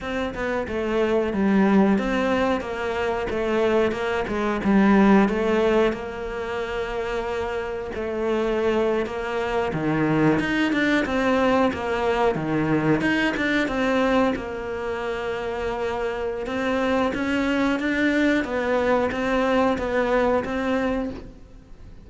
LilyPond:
\new Staff \with { instrumentName = "cello" } { \time 4/4 \tempo 4 = 91 c'8 b8 a4 g4 c'4 | ais4 a4 ais8 gis8 g4 | a4 ais2. | a4.~ a16 ais4 dis4 dis'16~ |
dis'16 d'8 c'4 ais4 dis4 dis'16~ | dis'16 d'8 c'4 ais2~ ais16~ | ais4 c'4 cis'4 d'4 | b4 c'4 b4 c'4 | }